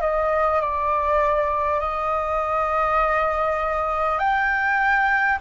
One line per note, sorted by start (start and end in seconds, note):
0.00 0.60 D#5
0.61 1.80 D5
1.80 4.18 D#5
4.18 5.38 G5